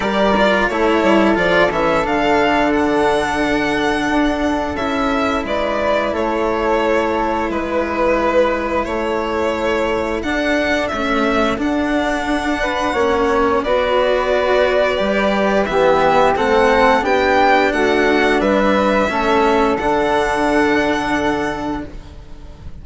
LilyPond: <<
  \new Staff \with { instrumentName = "violin" } { \time 4/4 \tempo 4 = 88 d''4 cis''4 d''8 e''8 f''4 | fis''2. e''4 | d''4 cis''2 b'4~ | b'4 cis''2 fis''4 |
e''4 fis''2. | d''2. e''4 | fis''4 g''4 fis''4 e''4~ | e''4 fis''2. | }
  \new Staff \with { instrumentName = "flute" } { \time 4/4 ais'4 a'2.~ | a'1 | b'4 a'2 b'4~ | b'4 a'2.~ |
a'2~ a'8 b'8 cis''4 | b'2. g'4 | a'4 g'4 fis'4 b'4 | a'1 | }
  \new Staff \with { instrumentName = "cello" } { \time 4/4 g'8 f'8 e'4 f'8 cis'8 d'4~ | d'2. e'4~ | e'1~ | e'2. d'4 |
a4 d'2 cis'4 | fis'2 g'4 b4 | c'4 d'2. | cis'4 d'2. | }
  \new Staff \with { instrumentName = "bassoon" } { \time 4/4 g4 a8 g8 f8 e8 d4~ | d2 d'4 cis'4 | gis4 a2 gis4~ | gis4 a2 d'4 |
cis'4 d'2 ais4 | b2 g4 e4 | a4 b4 a4 g4 | a4 d2. | }
>>